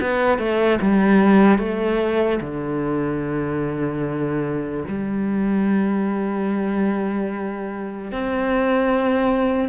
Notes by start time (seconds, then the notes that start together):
0.00 B3
0.38 A3
0.81 G3
1.58 A3
2.41 D3
4.88 G3
8.12 C4